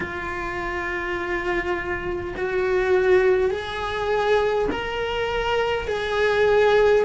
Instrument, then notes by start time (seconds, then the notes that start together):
cello
0.00 F4
2.36 F#4
3.50 G#4
4.71 A#4
5.87 G#4